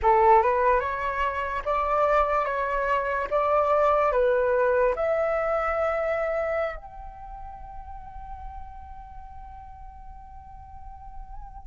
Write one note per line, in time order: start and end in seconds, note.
0.02 0.42 A4
0.42 0.80 B4
0.80 1.62 C#5
1.65 2.45 D5
2.45 3.27 C#5
3.30 4.12 D5
4.12 4.94 B4
4.95 6.76 E5
6.76 11.67 G5